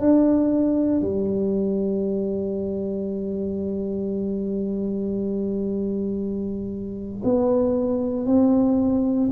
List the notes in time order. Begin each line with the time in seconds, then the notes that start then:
0.00 D4
1.02 G3
7.24 B3
8.26 C4